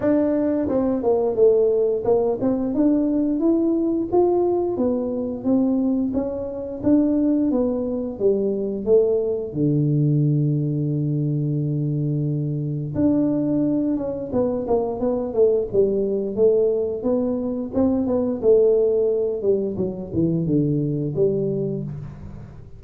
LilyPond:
\new Staff \with { instrumentName = "tuba" } { \time 4/4 \tempo 4 = 88 d'4 c'8 ais8 a4 ais8 c'8 | d'4 e'4 f'4 b4 | c'4 cis'4 d'4 b4 | g4 a4 d2~ |
d2. d'4~ | d'8 cis'8 b8 ais8 b8 a8 g4 | a4 b4 c'8 b8 a4~ | a8 g8 fis8 e8 d4 g4 | }